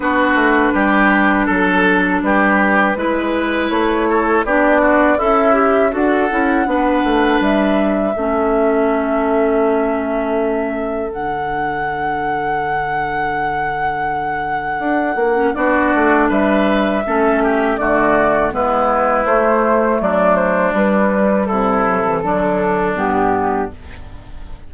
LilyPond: <<
  \new Staff \with { instrumentName = "flute" } { \time 4/4 \tempo 4 = 81 b'2 a'4 b'4~ | b'4 cis''4 d''4 e''4 | fis''2 e''2~ | e''2. fis''4~ |
fis''1~ | fis''4 d''4 e''2 | d''4 b'4 c''4 d''8 c''8 | b'4 a'2 g'4 | }
  \new Staff \with { instrumentName = "oboe" } { \time 4/4 fis'4 g'4 a'4 g'4 | b'4. a'8 g'8 fis'8 e'4 | a'4 b'2 a'4~ | a'1~ |
a'1~ | a'4 fis'4 b'4 a'8 g'8 | fis'4 e'2 d'4~ | d'4 e'4 d'2 | }
  \new Staff \with { instrumentName = "clarinet" } { \time 4/4 d'1 | e'2 d'4 a'8 g'8 | fis'8 e'8 d'2 cis'4~ | cis'2. d'4~ |
d'1~ | d'8. cis'16 d'2 cis'4 | a4 b4 a2 | g4. fis16 e16 fis4 b4 | }
  \new Staff \with { instrumentName = "bassoon" } { \time 4/4 b8 a8 g4 fis4 g4 | gis4 a4 b4 cis'4 | d'8 cis'8 b8 a8 g4 a4~ | a2. d4~ |
d1 | d'8 ais8 b8 a8 g4 a4 | d4 gis4 a4 fis4 | g4 c4 d4 g,4 | }
>>